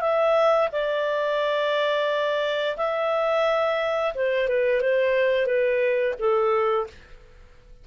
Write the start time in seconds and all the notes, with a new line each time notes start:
0.00 E5
0.72 D5
2.76 E5
4.14 C5
4.48 B4
4.81 C5
5.46 B4
6.19 A4